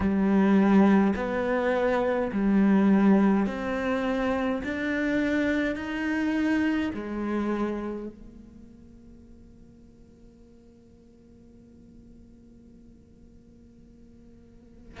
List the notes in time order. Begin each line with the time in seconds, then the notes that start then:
0.00 G3
1.15 B3
2.31 G3
3.46 C4
4.64 D4
5.75 D#4
6.94 G#3
8.08 A#3